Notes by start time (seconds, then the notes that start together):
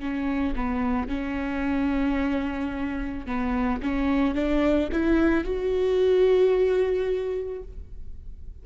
0.00 C#4
0.56 B3
1.09 C#4
3.27 B3
3.83 C#4
4.35 D4
4.92 E4
5.44 F#4